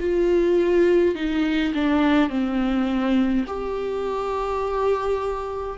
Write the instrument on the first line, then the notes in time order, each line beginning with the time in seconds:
viola
0.00 F4
1.15 D#4
1.75 D4
2.30 C4
3.47 G4